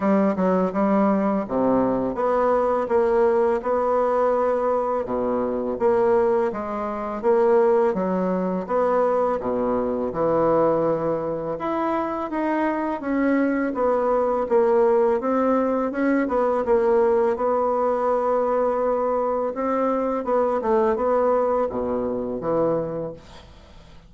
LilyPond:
\new Staff \with { instrumentName = "bassoon" } { \time 4/4 \tempo 4 = 83 g8 fis8 g4 c4 b4 | ais4 b2 b,4 | ais4 gis4 ais4 fis4 | b4 b,4 e2 |
e'4 dis'4 cis'4 b4 | ais4 c'4 cis'8 b8 ais4 | b2. c'4 | b8 a8 b4 b,4 e4 | }